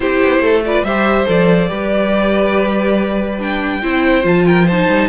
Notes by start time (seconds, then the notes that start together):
0.00 C4 E4 G4 C5
0.23 B3
0.39 A3 A4
0.65 F4 B4 D5
0.83 G3 G4 C5 E5
1.26 F3 A4 D5
1.68 G3 G4 B4
3.38 D4 G5
3.81 C4 E4 C5
4.22 F3 F4 A5
4.46 A#4 G5
4.65 C5 A5
4.71 D#4
4.88 G3